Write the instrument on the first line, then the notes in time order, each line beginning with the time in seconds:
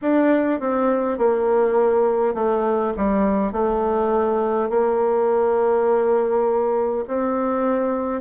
bassoon
0.01 D4
0.59 C4
1.18 A#3
2.34 A3
2.96 G3
3.52 A3
4.69 A#3
7.07 C4